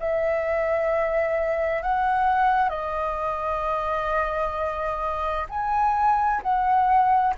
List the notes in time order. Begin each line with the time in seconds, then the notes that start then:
0.00 E5
1.83 F#5
2.70 D#5
5.50 G#5
6.42 F#5